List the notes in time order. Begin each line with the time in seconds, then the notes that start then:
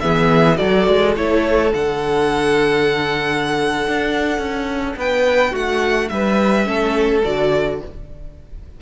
0.00 E3 B3 G#4 E5
0.56 F#3 F#4 A4 D5
0.87 G#3
1.16 A3 E4 C#5
1.71 D3 D4 F#5
3.87 D4
4.38 C#4
4.96 B3 B4 G5
5.51 A3 F#4 F#5
6.08 G3 B4 E5
6.65 A3 C#4 A4
7.23 D3 F#4 D5